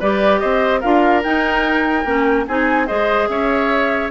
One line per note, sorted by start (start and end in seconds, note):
0.00 0.42 G3
0.00 0.83 G4
0.00 0.41 B4
0.00 0.39 D5
0.39 0.84 C4
0.39 0.81 C5
0.39 0.80 D#5
0.81 1.25 D4
0.81 1.24 F4
0.81 2.45 A#4
0.81 1.22 F5
1.23 2.06 D#4
1.23 2.05 D#4
1.23 2.47 G5
2.05 2.46 A#3
2.05 2.47 C#4
2.48 2.90 C4
2.48 2.88 D#4
2.48 2.87 G#4
2.48 2.87 G#5
2.87 3.29 G#3
2.87 4.11 G#4
2.87 3.28 C5
2.87 3.28 D#5
3.28 4.11 C#4
3.28 4.11 C#5
3.28 4.11 E5